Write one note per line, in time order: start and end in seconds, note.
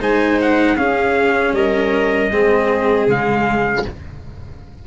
0.00 0.77 G#3
0.00 0.77 D#4
0.00 0.77 C5
0.00 0.41 G#5
0.42 0.77 F#5
0.77 1.53 C#4
0.77 2.32 C#4
0.77 1.55 G#4
0.77 1.54 F5
1.53 2.29 G3
1.53 2.32 A#4
1.53 3.08 D#5
2.32 3.08 G#3
2.32 3.08 C4
2.32 3.86 G#4
3.08 3.85 C#3
3.08 3.85 G#3
3.08 3.87 F5